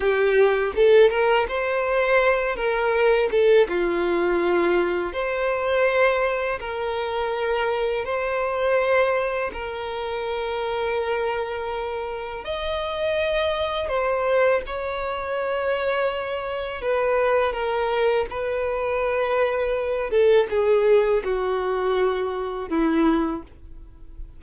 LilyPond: \new Staff \with { instrumentName = "violin" } { \time 4/4 \tempo 4 = 82 g'4 a'8 ais'8 c''4. ais'8~ | ais'8 a'8 f'2 c''4~ | c''4 ais'2 c''4~ | c''4 ais'2.~ |
ais'4 dis''2 c''4 | cis''2. b'4 | ais'4 b'2~ b'8 a'8 | gis'4 fis'2 e'4 | }